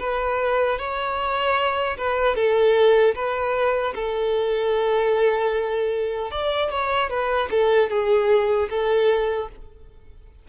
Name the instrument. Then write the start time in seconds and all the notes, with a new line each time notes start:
violin
0.00 B4
0.79 C#5
1.98 B4
2.36 A4
3.15 B4
3.95 A4
6.32 D5
6.71 C#5
7.10 B4
7.51 A4
7.90 G#4
8.70 A4